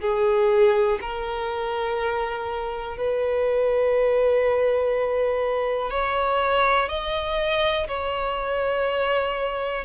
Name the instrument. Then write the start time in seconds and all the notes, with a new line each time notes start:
violin
0.00 G#4
1.01 A#4
2.97 B4
5.90 C#5
6.89 D#5
7.87 C#5